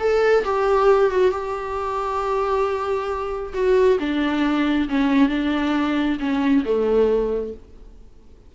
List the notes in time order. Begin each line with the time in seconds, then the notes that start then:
0.00 A4
0.45 G4
1.11 F#4
1.31 G4
3.54 F#4
4.00 D4
4.89 C#4
5.29 D4
6.20 C#4
6.65 A3